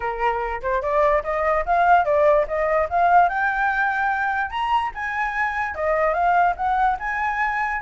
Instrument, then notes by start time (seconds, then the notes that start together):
flute
0.00 A#4
0.62 C5
0.81 D5
1.23 D#5
1.65 F5
2.05 D5
2.47 D#5
2.89 F5
3.29 G5
4.50 A#5
4.94 G#5
5.75 D#5
6.13 F5
6.56 F#5
6.99 G#5